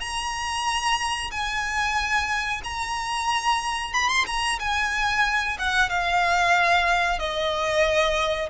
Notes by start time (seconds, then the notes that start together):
0.00 A#5
1.31 G#5
2.64 A#5
3.93 B5
4.08 C6
4.26 A#5
4.59 G#5
5.59 F#5
5.89 F5
7.19 D#5